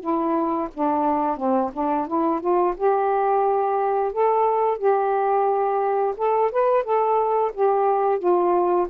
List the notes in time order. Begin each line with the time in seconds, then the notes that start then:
0.00 E4
0.73 D4
1.36 C4
1.73 D4
2.07 E4
2.40 F4
2.76 G4
4.12 A4
4.78 G4
6.17 A4
6.51 B4
6.83 A4
7.54 G4
8.18 F4